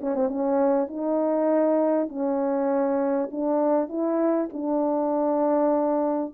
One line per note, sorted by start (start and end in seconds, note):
0.00 0.14 C#4
0.14 0.28 C4
0.28 0.87 C#4
0.87 2.08 D#4
2.08 3.29 C#4
3.31 3.88 D4
3.88 4.48 E4
4.53 6.34 D4